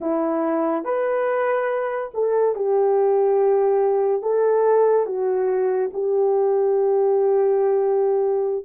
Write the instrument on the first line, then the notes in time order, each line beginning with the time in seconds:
horn
0.00 E4
0.84 B4
2.14 A4
2.55 G4
4.21 A4
5.06 F#4
5.93 G4